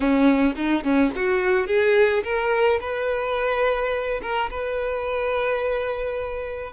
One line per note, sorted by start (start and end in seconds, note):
0.00 0.54 C#4
0.55 0.83 D#4
0.83 1.11 C#4
1.15 1.67 F#4
1.67 2.23 G#4
2.23 2.79 A#4
2.80 4.20 B4
4.22 4.50 A#4
4.50 6.72 B4